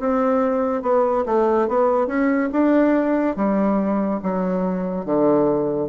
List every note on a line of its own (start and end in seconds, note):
0.00 0.83 C4
0.83 1.25 B3
1.26 1.68 A3
1.68 2.07 B3
2.07 2.49 C#4
2.52 3.36 D4
3.36 4.21 G3
4.23 5.06 F#3
5.06 5.89 D3